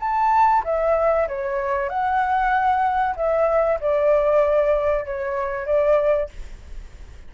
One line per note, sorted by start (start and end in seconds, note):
0.00 0.63 A5
0.65 1.28 E5
1.29 1.89 C#5
1.89 3.16 F#5
3.16 3.80 E5
3.81 5.06 D5
5.06 5.66 C#5
5.66 6.30 D5